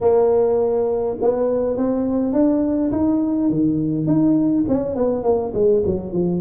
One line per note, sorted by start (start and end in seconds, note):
0.00 1.17 A#3
1.21 1.76 B3
1.76 2.32 C4
2.32 2.91 D4
2.91 3.50 D#4
3.50 4.06 D#3
4.06 4.64 D#4
4.68 4.95 C#4
4.95 5.23 B3
5.23 5.52 A#3
5.53 5.83 G#3
5.85 6.12 F#3
6.12 6.41 F3